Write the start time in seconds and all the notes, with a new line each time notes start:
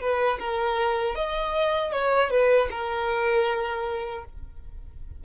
0.00 B4
0.39 A#4
1.15 D#5
1.92 C#5
2.30 B4
2.71 A#4